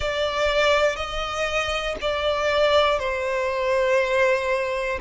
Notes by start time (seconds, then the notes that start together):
0.00 D5
0.95 D#5
2.01 D5
2.99 C5